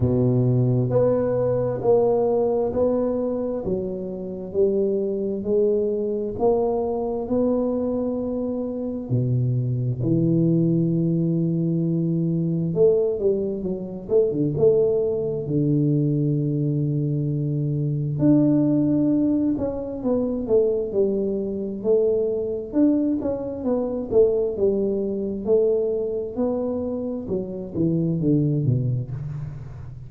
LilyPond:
\new Staff \with { instrumentName = "tuba" } { \time 4/4 \tempo 4 = 66 b,4 b4 ais4 b4 | fis4 g4 gis4 ais4 | b2 b,4 e4~ | e2 a8 g8 fis8 a16 d16 |
a4 d2. | d'4. cis'8 b8 a8 g4 | a4 d'8 cis'8 b8 a8 g4 | a4 b4 fis8 e8 d8 b,8 | }